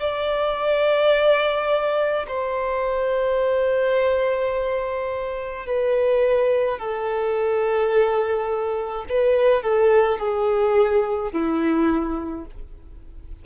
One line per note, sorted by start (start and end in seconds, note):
0.00 2.26 D5
2.28 5.67 C5
5.67 6.79 B4
6.79 9.05 A4
9.09 9.63 B4
9.63 10.19 A4
10.19 11.32 G#4
11.32 12.45 E4